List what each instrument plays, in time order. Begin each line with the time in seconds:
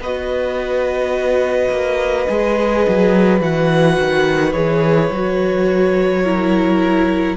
0.00 cello B3, viola F#4, violin B4 D#5
1.70 cello A#3
2.28 cello G#3, viola G#4
2.89 cello F#3
3.40 cello E3, viola F#4, violin F#5
3.99 cello D#3
4.52 cello E3, viola G#4, violin C#5
5.11 cello F#3, viola F#4
6.24 viola E4, violin A#4